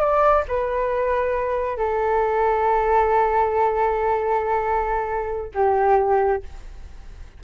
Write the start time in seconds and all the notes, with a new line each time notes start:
0.00 D5
0.48 B4
1.77 A4
5.55 G4